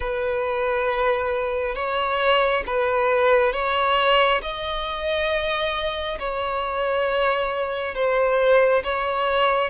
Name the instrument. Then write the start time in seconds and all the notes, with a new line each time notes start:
violin
0.00 B4
1.75 C#5
2.66 B4
3.53 C#5
4.42 D#5
6.19 C#5
7.94 C5
8.83 C#5